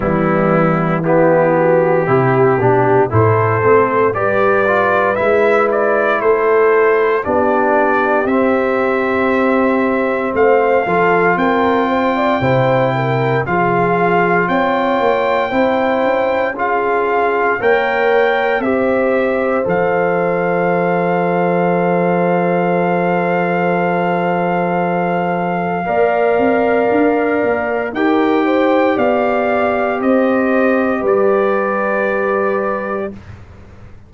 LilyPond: <<
  \new Staff \with { instrumentName = "trumpet" } { \time 4/4 \tempo 4 = 58 e'4 g'2 c''4 | d''4 e''8 d''8 c''4 d''4 | e''2 f''4 g''4~ | g''4 f''4 g''2 |
f''4 g''4 e''4 f''4~ | f''1~ | f''2. g''4 | f''4 dis''4 d''2 | }
  \new Staff \with { instrumentName = "horn" } { \time 4/4 b4 e'8 fis'8 g'4 a'4 | b'2 a'4 g'4~ | g'2 c''8 a'8 ais'8 c''16 d''16 | c''8 ais'8 gis'4 cis''4 c''4 |
gis'4 cis''4 c''2~ | c''1~ | c''4 d''2 ais'8 c''8 | d''4 c''4 b'2 | }
  \new Staff \with { instrumentName = "trombone" } { \time 4/4 g4 b4 e'8 d'8 e'8 c'8 | g'8 f'8 e'2 d'4 | c'2~ c'8 f'4. | e'4 f'2 e'4 |
f'4 ais'4 g'4 a'4~ | a'1~ | a'4 ais'2 g'4~ | g'1 | }
  \new Staff \with { instrumentName = "tuba" } { \time 4/4 e2 c8 b,8 a,8 a8 | g4 gis4 a4 b4 | c'2 a8 f8 c'4 | c4 f4 c'8 ais8 c'8 cis'8~ |
cis'4 ais4 c'4 f4~ | f1~ | f4 ais8 c'8 d'8 ais8 dis'4 | b4 c'4 g2 | }
>>